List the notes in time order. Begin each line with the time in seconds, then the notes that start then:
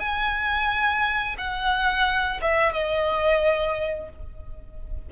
0.00 G#5
1.39 F#5
2.42 E5
2.73 D#5